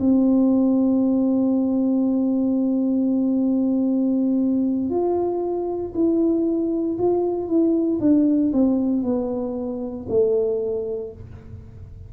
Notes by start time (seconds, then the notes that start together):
0.00 C4
4.90 F4
5.95 E4
6.99 F4
7.49 E4
8.01 D4
8.53 C4
9.03 B3
10.09 A3